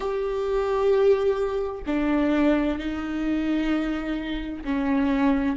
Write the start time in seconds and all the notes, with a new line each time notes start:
0.00 G4
1.86 D4
2.79 D#4
4.64 C#4